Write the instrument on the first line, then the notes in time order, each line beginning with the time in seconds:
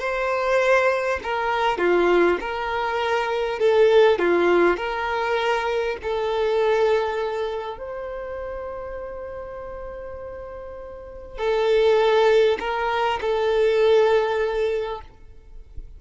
violin
0.00 C5
1.24 A#4
1.78 F4
2.41 A#4
3.60 A4
4.19 F4
4.77 A#4
6.03 A4
7.78 C5
11.38 A4
12.60 A#4
13.22 A4